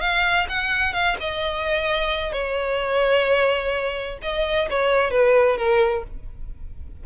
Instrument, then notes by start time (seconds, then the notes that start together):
violin
0.00 F5
0.48 F#5
0.93 F5
1.20 D#5
2.32 C#5
4.22 D#5
4.70 C#5
5.11 B4
5.57 A#4